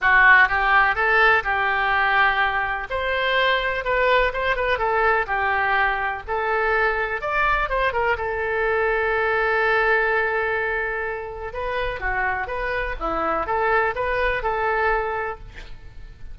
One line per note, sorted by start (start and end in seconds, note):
0.01 0.48 F#4
0.48 0.95 G4
0.95 1.43 A4
1.43 2.87 G4
2.90 3.84 C5
3.84 4.32 B4
4.33 4.56 C5
4.56 4.78 B4
4.78 5.26 A4
5.26 6.22 G4
6.27 7.21 A4
7.21 7.69 D5
7.69 7.92 C5
7.92 8.16 A#4
8.17 11.53 A4
11.53 12.00 B4
12.00 12.47 F#4
12.47 12.95 B4
12.99 13.46 E4
13.46 13.94 A4
13.95 14.42 B4
14.42 15.38 A4